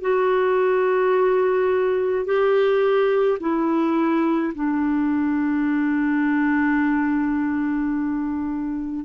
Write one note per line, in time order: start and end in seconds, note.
0.00 2.25 F#4
2.25 3.38 G4
3.40 4.53 E4
4.54 9.05 D4